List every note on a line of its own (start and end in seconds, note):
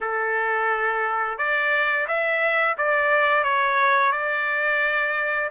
0.01 1.38 A4
1.38 2.07 D5
2.07 2.76 E5
2.77 3.43 D5
3.43 4.12 C#5
4.12 5.50 D5